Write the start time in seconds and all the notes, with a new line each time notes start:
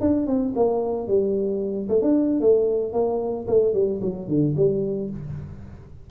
0.00 D4
0.27 C4
0.55 A#3
1.07 G3
1.88 A3
2.01 D4
2.40 A3
2.93 A#3
3.47 A3
3.73 G3
4.02 F#3
4.28 D3
4.56 G3